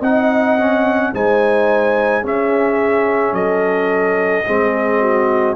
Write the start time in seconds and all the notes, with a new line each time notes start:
0.00 C4 D#4 D#5 F#5
0.59 C#4
1.13 G#3 D#4 C5 G#5
2.23 C#4 G#4 E5
3.33 F#3 A4 D#5
4.46 G#3 C4 G#4
5.01 F#4